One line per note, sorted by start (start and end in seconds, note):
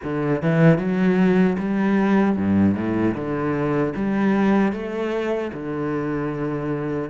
0.03 0.42 D3
0.42 0.78 E3
0.78 1.56 F#3
1.58 2.36 G3
2.36 2.75 G2
2.75 3.14 A2
3.14 3.93 D3
3.95 4.72 G3
4.72 5.51 A3
5.53 7.09 D3